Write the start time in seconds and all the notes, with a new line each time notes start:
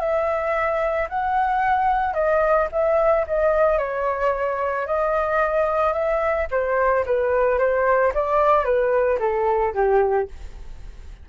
0.00 E5
1.09 F#5
2.14 D#5
2.71 E5
3.27 D#5
3.78 C#5
4.86 D#5
5.93 E5
6.51 C5
7.06 B4
7.58 C5
8.14 D5
8.65 B4
9.19 A4
9.74 G4